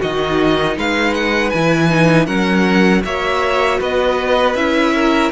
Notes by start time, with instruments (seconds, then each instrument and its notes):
0.00 cello D#3, viola D#4, violin F#4 D#5
0.77 cello G#3, violin B4 F5
1.15 violin F#5
1.50 cello E3, viola E4, violin G#5
1.90 viola D#4
2.26 cello F#3, viola C#4, violin A#4 F#5
3.04 cello A#3, viola F#4, violin C#5 E5
3.80 cello B3, violin B4 D#5
4.55 cello C#4, viola E4, violin E5
4.95 violin A#4